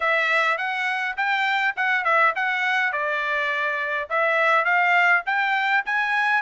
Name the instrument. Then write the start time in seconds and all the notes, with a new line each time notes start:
trumpet
0.00 E5
0.57 F#5
1.16 G5
1.76 F#5
2.04 E5
2.35 F#5
2.92 D5
4.09 E5
4.64 F5
5.26 G5
5.85 G#5